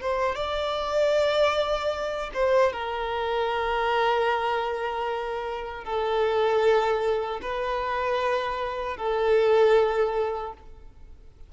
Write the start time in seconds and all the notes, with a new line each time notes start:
0.00 C5
0.35 D5
2.33 C5
2.72 A#4
5.84 A4
7.42 B4
8.97 A4